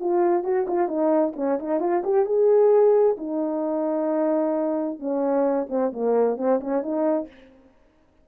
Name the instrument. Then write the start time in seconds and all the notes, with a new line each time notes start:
horn
0.00 F4
0.44 F#4
0.68 F4
0.88 D#4
1.36 C#4
1.59 D#4
1.80 F4
2.04 G4
2.26 G#4
3.17 D#4
4.99 C#4
5.69 C4
5.93 A#3
6.37 C4
6.60 C#4
6.82 D#4